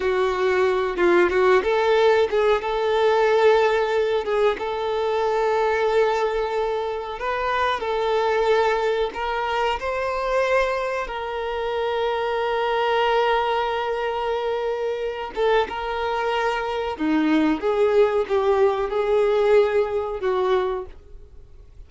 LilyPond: \new Staff \with { instrumentName = "violin" } { \time 4/4 \tempo 4 = 92 fis'4. f'8 fis'8 a'4 gis'8 | a'2~ a'8 gis'8 a'4~ | a'2. b'4 | a'2 ais'4 c''4~ |
c''4 ais'2.~ | ais'2.~ ais'8 a'8 | ais'2 dis'4 gis'4 | g'4 gis'2 fis'4 | }